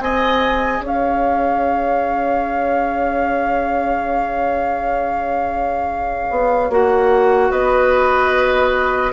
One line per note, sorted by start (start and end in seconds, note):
0.00 0.80 C4
0.00 6.70 G#4
0.00 0.85 D#5
0.00 0.83 G#5
0.80 6.27 C#4
0.80 7.51 C#5
0.86 6.73 F5
6.31 6.69 B3
6.69 7.51 A#3
6.69 9.12 F#4
6.69 7.51 F#5
7.51 9.12 B3
7.51 9.12 B4
7.51 9.12 D#5